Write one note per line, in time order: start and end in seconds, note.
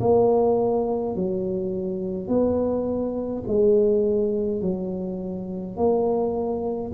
0.00 1.15 A#3
1.15 2.28 F#3
2.28 3.43 B3
3.47 4.62 G#3
4.62 5.76 F#3
5.76 6.92 A#3